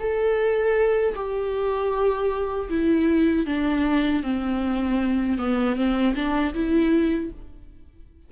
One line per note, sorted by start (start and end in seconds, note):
0.00 1.15 A4
1.15 2.69 G4
2.70 3.47 E4
3.47 4.23 D4
4.23 5.38 C4
5.38 5.76 B3
5.76 6.14 C4
6.16 6.54 D4
6.54 7.31 E4